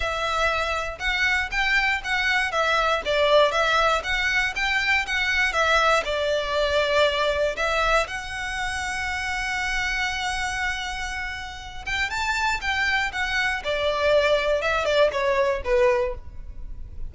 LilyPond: \new Staff \with { instrumentName = "violin" } { \time 4/4 \tempo 4 = 119 e''2 fis''4 g''4 | fis''4 e''4 d''4 e''4 | fis''4 g''4 fis''4 e''4 | d''2. e''4 |
fis''1~ | fis''2.~ fis''8 g''8 | a''4 g''4 fis''4 d''4~ | d''4 e''8 d''8 cis''4 b'4 | }